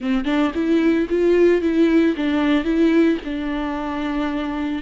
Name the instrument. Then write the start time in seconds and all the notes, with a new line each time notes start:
viola
0.00 C4
0.24 D4
0.54 E4
1.09 F4
1.61 E4
2.16 D4
2.64 E4
3.24 D4